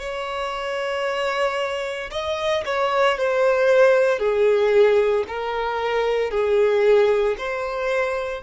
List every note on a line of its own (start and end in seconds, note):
0.00 2.11 C#5
2.11 2.64 D#5
2.66 3.18 C#5
3.18 4.20 C5
4.20 5.25 G#4
5.28 6.31 A#4
6.31 7.36 G#4
7.38 8.44 C5